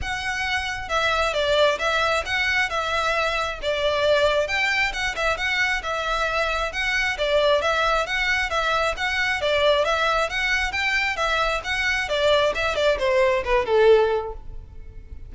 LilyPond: \new Staff \with { instrumentName = "violin" } { \time 4/4 \tempo 4 = 134 fis''2 e''4 d''4 | e''4 fis''4 e''2 | d''2 g''4 fis''8 e''8 | fis''4 e''2 fis''4 |
d''4 e''4 fis''4 e''4 | fis''4 d''4 e''4 fis''4 | g''4 e''4 fis''4 d''4 | e''8 d''8 c''4 b'8 a'4. | }